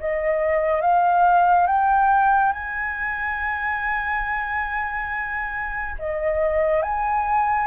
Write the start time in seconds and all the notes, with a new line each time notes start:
0.00 D#5
0.81 F5
1.67 G5
2.52 G#5
5.99 D#5
6.83 G#5